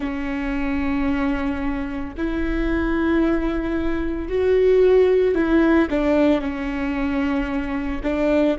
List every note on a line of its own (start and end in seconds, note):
0.00 2.14 C#4
2.17 4.28 E4
4.28 5.34 F#4
5.34 5.88 E4
5.90 6.40 D4
6.40 8.01 C#4
8.03 8.57 D4